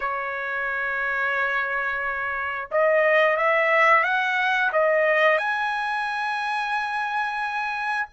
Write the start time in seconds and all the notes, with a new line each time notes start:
0.00 C#5
2.71 D#5
3.36 E5
4.03 F#5
4.72 D#5
5.37 G#5